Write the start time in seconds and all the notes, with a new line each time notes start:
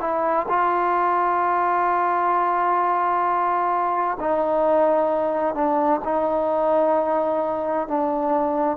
0.00 E4
0.48 F4
4.20 D#4
5.54 D4
6.04 D#4
7.88 D4